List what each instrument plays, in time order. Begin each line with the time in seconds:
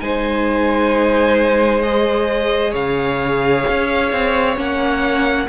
0.00 cello G#3, viola D#4, violin C5 G#5
1.82 viola G#4, violin D#5
2.71 cello C#3, violin C#5 F5
3.69 cello C#4
4.12 cello C4
4.56 cello A#3, viola C#4, violin F#5